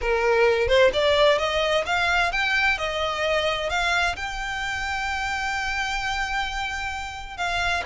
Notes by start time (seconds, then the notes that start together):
0.01 A#4
0.68 C5
0.93 D5
1.38 D#5
1.85 F5
2.32 G5
2.77 D#5
3.69 F5
4.16 G5
7.37 F5